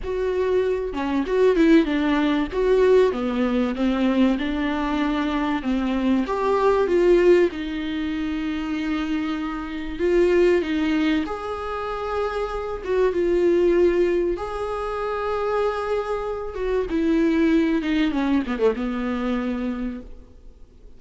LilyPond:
\new Staff \with { instrumentName = "viola" } { \time 4/4 \tempo 4 = 96 fis'4. cis'8 fis'8 e'8 d'4 | fis'4 b4 c'4 d'4~ | d'4 c'4 g'4 f'4 | dis'1 |
f'4 dis'4 gis'2~ | gis'8 fis'8 f'2 gis'4~ | gis'2~ gis'8 fis'8 e'4~ | e'8 dis'8 cis'8 b16 a16 b2 | }